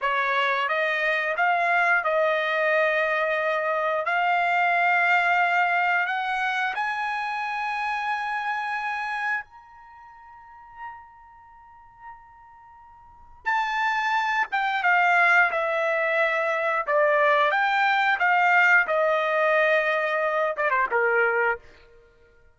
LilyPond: \new Staff \with { instrumentName = "trumpet" } { \time 4/4 \tempo 4 = 89 cis''4 dis''4 f''4 dis''4~ | dis''2 f''2~ | f''4 fis''4 gis''2~ | gis''2 ais''2~ |
ais''1 | a''4. g''8 f''4 e''4~ | e''4 d''4 g''4 f''4 | dis''2~ dis''8 d''16 c''16 ais'4 | }